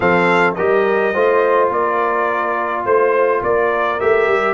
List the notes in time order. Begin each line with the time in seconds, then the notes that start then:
0.00 F3 C4 A4 F5
0.55 G3 G4 A#4 D#5
1.13 A3 F4 C5
1.70 A#3 A#4 D5
2.85 A3 C5
3.42 A#3 A#4 D5
4.00 A3 G4 E5
4.27 G3